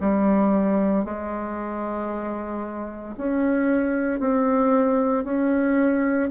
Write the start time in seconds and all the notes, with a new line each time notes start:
0.00 G3
1.05 G#3
3.18 C#4
4.20 C4
5.24 C#4